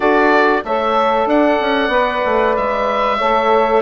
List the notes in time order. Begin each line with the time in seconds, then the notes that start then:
0.00 D4 F#4 A4 D5
0.64 A3 A4 C#5 E5
1.26 D4 D5 F#5
1.60 C#4
1.88 B3 B4
2.25 A3
2.56 G#3 E5
3.18 A3 A4 C#5